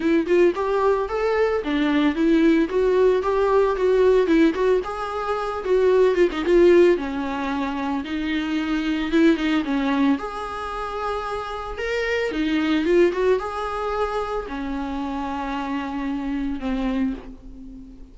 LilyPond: \new Staff \with { instrumentName = "viola" } { \time 4/4 \tempo 4 = 112 e'8 f'8 g'4 a'4 d'4 | e'4 fis'4 g'4 fis'4 | e'8 fis'8 gis'4. fis'4 f'16 dis'16 | f'4 cis'2 dis'4~ |
dis'4 e'8 dis'8 cis'4 gis'4~ | gis'2 ais'4 dis'4 | f'8 fis'8 gis'2 cis'4~ | cis'2. c'4 | }